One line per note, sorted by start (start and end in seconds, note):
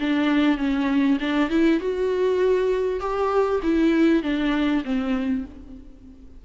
0.00 0.58 D4
0.58 1.18 C#4
1.20 1.50 D4
1.50 1.80 E4
1.80 3.00 F#4
3.00 3.60 G4
3.63 4.23 E4
4.23 4.83 D4
4.84 5.45 C4